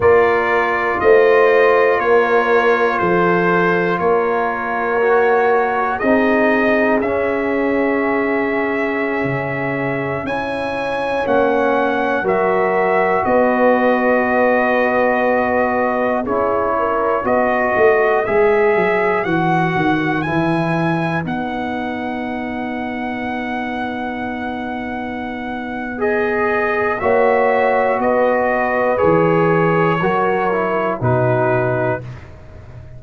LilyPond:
<<
  \new Staff \with { instrumentName = "trumpet" } { \time 4/4 \tempo 4 = 60 d''4 dis''4 cis''4 c''4 | cis''2 dis''4 e''4~ | e''2~ e''16 gis''4 fis''8.~ | fis''16 e''4 dis''2~ dis''8.~ |
dis''16 cis''4 dis''4 e''4 fis''8.~ | fis''16 gis''4 fis''2~ fis''8.~ | fis''2 dis''4 e''4 | dis''4 cis''2 b'4 | }
  \new Staff \with { instrumentName = "horn" } { \time 4/4 ais'4 c''4 ais'4 a'4 | ais'2 gis'2~ | gis'2~ gis'16 cis''4.~ cis''16~ | cis''16 ais'4 b'2~ b'8.~ |
b'16 gis'8 ais'8 b'2~ b'8.~ | b'1~ | b'2. cis''4 | b'2 ais'4 fis'4 | }
  \new Staff \with { instrumentName = "trombone" } { \time 4/4 f'1~ | f'4 fis'4 dis'4 cis'4~ | cis'2~ cis'16 e'4 cis'8.~ | cis'16 fis'2.~ fis'8.~ |
fis'16 e'4 fis'4 gis'4 fis'8.~ | fis'16 e'4 dis'2~ dis'8.~ | dis'2 gis'4 fis'4~ | fis'4 gis'4 fis'8 e'8 dis'4 | }
  \new Staff \with { instrumentName = "tuba" } { \time 4/4 ais4 a4 ais4 f4 | ais2 c'4 cis'4~ | cis'4~ cis'16 cis4 cis'4 ais8.~ | ais16 fis4 b2~ b8.~ |
b16 cis'4 b8 a8 gis8 fis8 e8 dis16~ | dis16 e4 b2~ b8.~ | b2. ais4 | b4 e4 fis4 b,4 | }
>>